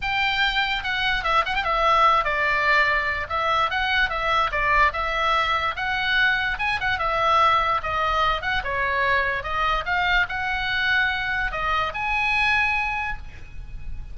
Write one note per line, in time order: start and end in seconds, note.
0.01 0.83 G5
0.83 1.24 F#5
1.24 1.44 E5
1.45 1.55 F#5
1.55 1.64 G5
1.64 2.24 E5
2.24 3.27 D5
3.29 3.70 E5
3.70 4.09 F#5
4.09 4.50 E5
4.51 4.92 D5
4.92 5.75 E5
5.76 6.58 F#5
6.58 6.79 G#5
6.80 6.99 F#5
6.99 7.81 E5
7.82 8.41 D#5
8.41 8.62 F#5
8.63 9.43 C#5
9.43 9.84 D#5
9.85 10.26 F5
10.29 11.51 F#5
11.51 11.93 D#5
11.94 13.17 G#5